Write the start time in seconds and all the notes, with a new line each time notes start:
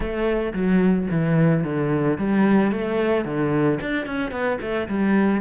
0.00 A3
0.53 F#3
1.11 E3
1.63 D3
2.18 G3
2.71 A3
3.25 D3
3.81 D4
4.06 C#4
4.31 B3
4.61 A3
4.88 G3